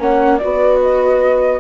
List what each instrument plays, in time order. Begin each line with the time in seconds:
0.00 bassoon A#3, viola C#4, horn C#5, flute F#5
0.39 viola F#4, horn B4, flute D5
0.45 bassoon B3
0.83 flute D#5